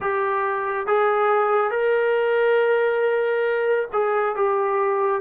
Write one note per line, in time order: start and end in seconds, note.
0.00 0.87 G4
0.87 1.70 G#4
1.70 3.88 A#4
3.92 4.35 G#4
4.35 5.21 G4